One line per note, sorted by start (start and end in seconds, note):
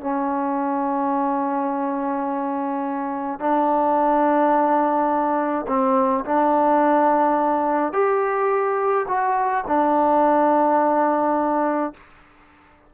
0.00 3.40 C#4
3.40 5.66 D4
5.67 6.24 C4
6.24 7.92 D4
7.92 9.06 G4
9.08 9.64 F#4
9.67 11.93 D4